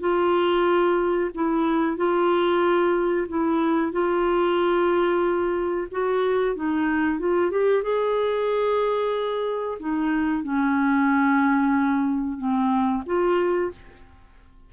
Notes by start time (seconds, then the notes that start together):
0.00 F4
1.34 E4
1.97 F4
3.28 E4
3.92 F4
5.91 F#4
6.56 D#4
7.19 F4
7.51 G4
7.83 G#4
9.80 D#4
10.43 C#4
12.38 C4
13.06 F4